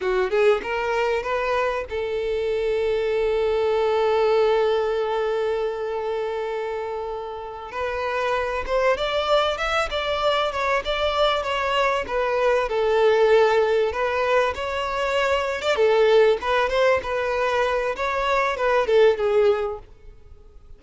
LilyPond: \new Staff \with { instrumentName = "violin" } { \time 4/4 \tempo 4 = 97 fis'8 gis'8 ais'4 b'4 a'4~ | a'1~ | a'1~ | a'8 b'4. c''8 d''4 e''8 |
d''4 cis''8 d''4 cis''4 b'8~ | b'8 a'2 b'4 cis''8~ | cis''4~ cis''16 d''16 a'4 b'8 c''8 b'8~ | b'4 cis''4 b'8 a'8 gis'4 | }